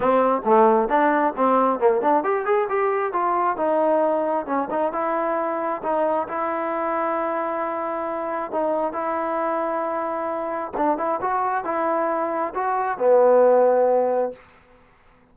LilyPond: \new Staff \with { instrumentName = "trombone" } { \time 4/4 \tempo 4 = 134 c'4 a4 d'4 c'4 | ais8 d'8 g'8 gis'8 g'4 f'4 | dis'2 cis'8 dis'8 e'4~ | e'4 dis'4 e'2~ |
e'2. dis'4 | e'1 | d'8 e'8 fis'4 e'2 | fis'4 b2. | }